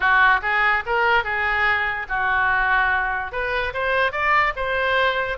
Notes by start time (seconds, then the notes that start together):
0.00 F#4
0.42 G#4
0.86 A#4
1.24 G#4
2.08 F#4
3.31 B4
3.73 C5
4.12 D5
4.56 C5